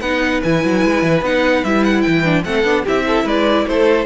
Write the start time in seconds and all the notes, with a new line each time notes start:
0.00 B3 D#4 B4 F#5
0.43 E3 E4 G#5
0.64 F#3
0.84 G#3
1.02 E3
1.22 B3 D#4 F#5
1.64 G3 E4 E5
1.84 F#5
2.02 E3 G5
2.24 D4
2.43 A3 C4 A4 F#5
2.64 B3 D4
2.84 C4 E4 G4 E5
3.07 A4
3.25 G#3 B4 D5
3.67 A3 A4 C5